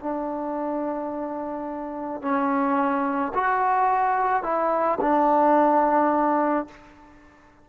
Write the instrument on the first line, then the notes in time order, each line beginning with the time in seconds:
trombone
0.00 D4
2.22 C#4
3.34 F#4
4.43 E4
5.01 D4